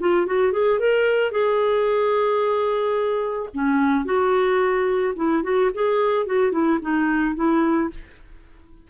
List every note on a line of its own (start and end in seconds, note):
0.00 0.27 F4
0.27 0.53 F#4
0.53 0.80 G#4
0.80 1.31 A#4
1.31 3.50 G#4
3.54 4.05 C#4
4.05 5.14 F#4
5.16 5.43 E4
5.43 5.70 F#4
5.74 6.27 G#4
6.27 6.52 F#4
6.52 6.79 E4
6.81 7.35 D#4
7.35 7.90 E4